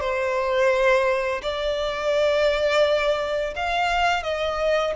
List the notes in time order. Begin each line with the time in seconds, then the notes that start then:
0.00 C5
1.42 D5
3.56 F5
4.23 D#5